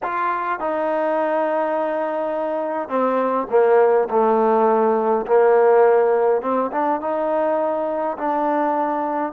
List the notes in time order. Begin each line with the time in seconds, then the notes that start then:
0.02 F4
0.59 D#4
2.88 C4
3.50 A#3
4.09 A3
5.26 A#3
6.41 C4
6.71 D4
7.01 D#4
8.17 D4